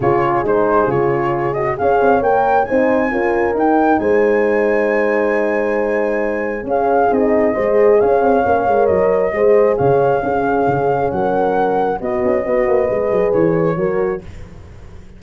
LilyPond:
<<
  \new Staff \with { instrumentName = "flute" } { \time 4/4 \tempo 4 = 135 cis''4 c''4 cis''4. dis''8 | f''4 g''4 gis''2 | g''4 gis''2.~ | gis''2. f''4 |
dis''2 f''2 | dis''2 f''2~ | f''4 fis''2 dis''4~ | dis''2 cis''2 | }
  \new Staff \with { instrumentName = "horn" } { \time 4/4 gis'1 | cis''2 c''4 ais'4~ | ais'4 c''2.~ | c''2. gis'4~ |
gis'4 c''4 cis''2~ | cis''4 c''4 cis''4 gis'4~ | gis'4 ais'2 fis'4 | b'2. ais'4 | }
  \new Staff \with { instrumentName = "horn" } { \time 4/4 f'4 dis'4 f'4. fis'8 | gis'4 ais'4 dis'4 f'4 | dis'1~ | dis'2. cis'4 |
dis'4 gis'2 cis'8 ais'8~ | ais'4 gis'2 cis'4~ | cis'2. b4 | fis'4 gis'2 fis'4 | }
  \new Staff \with { instrumentName = "tuba" } { \time 4/4 cis4 gis4 cis2 | cis'8 c'8 ais4 c'4 cis'4 | dis'4 gis2.~ | gis2. cis'4 |
c'4 gis4 cis'8 c'8 ais8 gis8 | fis4 gis4 cis4 cis'4 | cis4 fis2 b8 cis'8 | b8 ais8 gis8 fis8 e4 fis4 | }
>>